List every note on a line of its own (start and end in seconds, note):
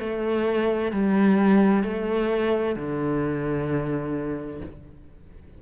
0.00 0.92 A3
0.92 1.84 G3
1.84 2.76 A3
2.76 4.61 D3